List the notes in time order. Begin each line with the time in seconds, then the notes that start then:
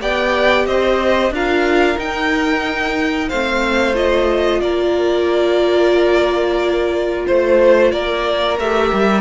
0.00 B3 G4 D5 G5
0.66 C4 C5 D#5
1.30 D4 F4 A#4 F5
1.97 D#4 G5
3.29 A3 C4 C5 F5
3.95 F4 D#5
4.61 A#3 A#4 D5
7.26 A3 C5
7.91 A#3 A#4 D5
8.58 A3 G4 E5
8.93 G3